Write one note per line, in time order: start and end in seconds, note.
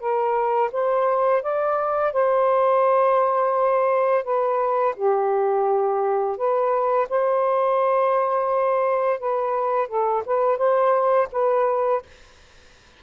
0.00 0.71 A#4
0.73 1.43 C5
1.43 2.13 D5
2.13 4.24 C5
4.24 4.95 B4
4.96 6.38 G4
6.38 7.08 B4
7.09 9.20 C5
9.20 9.88 B4
9.88 10.24 A4
10.26 10.58 B4
10.58 11.28 C5
11.32 12.03 B4